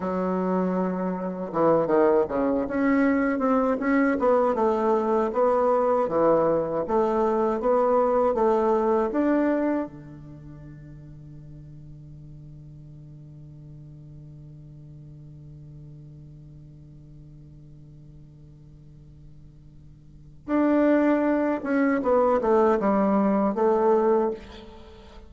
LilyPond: \new Staff \with { instrumentName = "bassoon" } { \time 4/4 \tempo 4 = 79 fis2 e8 dis8 cis8 cis'8~ | cis'8 c'8 cis'8 b8 a4 b4 | e4 a4 b4 a4 | d'4 d2.~ |
d1~ | d1~ | d2. d'4~ | d'8 cis'8 b8 a8 g4 a4 | }